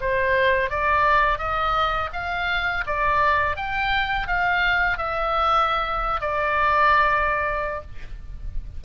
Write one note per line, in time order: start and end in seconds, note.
0.00 0.70 C5
0.70 1.38 D5
1.38 2.09 D#5
2.12 2.84 F5
2.86 3.56 D5
3.56 4.27 G5
4.27 4.97 F5
4.97 6.20 E5
6.20 7.81 D5